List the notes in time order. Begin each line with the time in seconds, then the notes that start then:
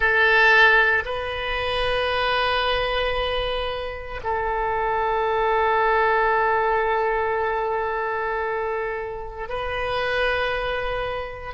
0.00 A4
1.05 B4
4.23 A4
9.48 B4